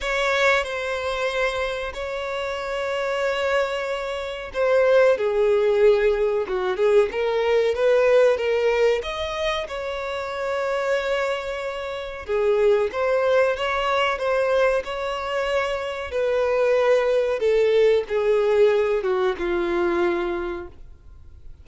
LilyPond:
\new Staff \with { instrumentName = "violin" } { \time 4/4 \tempo 4 = 93 cis''4 c''2 cis''4~ | cis''2. c''4 | gis'2 fis'8 gis'8 ais'4 | b'4 ais'4 dis''4 cis''4~ |
cis''2. gis'4 | c''4 cis''4 c''4 cis''4~ | cis''4 b'2 a'4 | gis'4. fis'8 f'2 | }